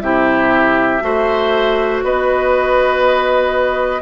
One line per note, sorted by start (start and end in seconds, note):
0.00 1.01 C3
0.00 1.00 E4
0.00 1.03 G4
0.00 2.00 E5
1.00 2.02 A3
1.00 4.00 F#4
1.00 2.04 C5
2.03 4.01 B3
2.03 4.01 B4
2.03 4.01 D#5